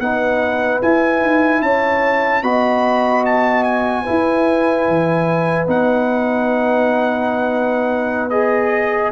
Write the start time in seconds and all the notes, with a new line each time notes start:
0.00 B3 D#4 B4 F#5
0.82 E4 G#5
1.21 D#4
1.62 C#4 C#5 A5
2.43 B3 F#4 D#5 B5
3.26 A5
3.64 G#5
4.03 E4 B4
4.10 E4
4.88 E3
5.67 B3 D#4 F#5
8.30 G#4 D#5